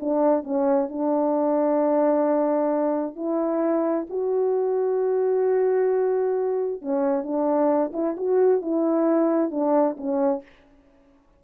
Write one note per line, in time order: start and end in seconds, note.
0.00 0.44 D4
0.44 0.89 C#4
0.89 3.16 D4
3.16 4.07 E4
4.10 6.82 F#4
6.82 7.23 C#4
7.23 7.92 D4
7.93 8.16 E4
8.17 8.62 F#4
8.62 9.51 E4
9.51 9.96 D4
9.97 10.43 C#4